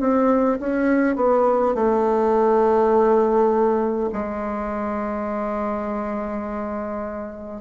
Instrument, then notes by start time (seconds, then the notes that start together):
bassoon
0.00 C4
0.60 C#4
1.16 B3
1.75 A3
4.13 G#3